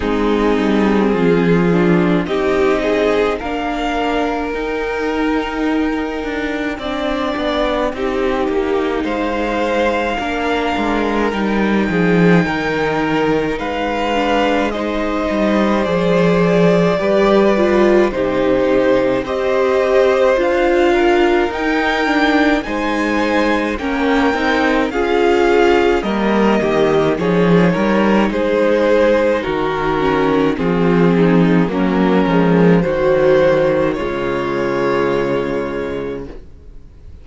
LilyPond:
<<
  \new Staff \with { instrumentName = "violin" } { \time 4/4 \tempo 4 = 53 gis'2 dis''4 f''4 | g''1 | f''2 g''2 | f''4 dis''4 d''2 |
c''4 dis''4 f''4 g''4 | gis''4 g''4 f''4 dis''4 | cis''4 c''4 ais'4 gis'4 | ais'4 c''4 cis''2 | }
  \new Staff \with { instrumentName = "violin" } { \time 4/4 dis'4 f'4 g'8 gis'8 ais'4~ | ais'2 d''4 g'4 | c''4 ais'4. gis'8 ais'4 | b'4 c''2 b'4 |
g'4 c''4. ais'4. | c''4 ais'4 gis'4 ais'8 g'8 | gis'8 ais'8 gis'4 fis'4 f'8 dis'8 | cis'4 fis'4 f'2 | }
  \new Staff \with { instrumentName = "viola" } { \time 4/4 c'4. d'8 dis'4 d'4 | dis'2 d'4 dis'4~ | dis'4 d'4 dis'2~ | dis'8 d'8 dis'4 gis'4 g'8 f'8 |
dis'4 g'4 f'4 dis'8 d'8 | dis'4 cis'8 dis'8 f'4 ais4 | dis'2~ dis'8 cis'8 c'4 | ais8 gis8 fis4 gis2 | }
  \new Staff \with { instrumentName = "cello" } { \time 4/4 gis8 g8 f4 c'4 ais4 | dis'4. d'8 c'8 b8 c'8 ais8 | gis4 ais8 gis8 g8 f8 dis4 | gis4. g8 f4 g4 |
c4 c'4 d'4 dis'4 | gis4 ais8 c'8 cis'4 g8 dis8 | f8 g8 gis4 dis4 f4 | fis8 f8 dis4 cis2 | }
>>